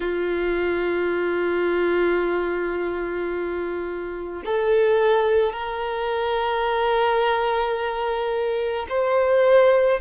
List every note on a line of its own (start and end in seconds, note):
0.00 4.42 F4
4.44 5.53 A4
5.53 8.86 A#4
8.89 10.00 C5